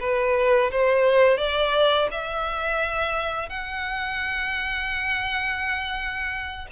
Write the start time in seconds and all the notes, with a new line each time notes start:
0.00 B4
0.71 C5
1.38 D5
2.11 E5
3.49 F#5